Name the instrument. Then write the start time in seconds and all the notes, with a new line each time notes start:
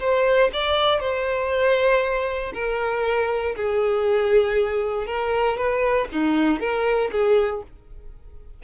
violin
0.00 C5
0.53 D5
1.00 C5
2.54 A#4
3.56 G#4
5.07 A#4
5.58 B4
6.12 D#4
6.60 A#4
7.12 G#4